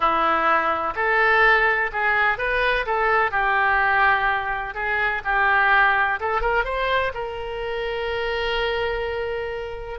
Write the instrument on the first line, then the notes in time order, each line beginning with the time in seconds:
oboe
0.00 E4
0.95 A4
1.92 G#4
2.37 B4
2.86 A4
3.31 G4
4.74 G#4
5.24 G4
6.19 A4
6.41 A#4
6.64 C5
7.14 A#4